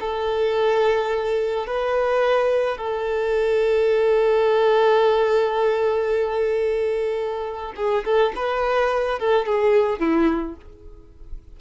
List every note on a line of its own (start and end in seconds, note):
0.00 1.67 A4
1.67 2.78 B4
2.78 7.73 A4
7.76 8.05 G#4
8.05 8.33 A4
8.36 9.20 B4
9.20 9.46 A4
9.46 9.99 G#4
9.99 10.56 E4